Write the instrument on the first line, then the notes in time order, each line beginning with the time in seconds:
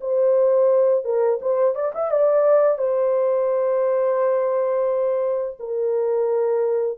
horn
0.00 C5
1.04 A#4
1.41 C5
1.74 D5
1.94 E5
2.11 D5
2.78 C5
5.59 A#4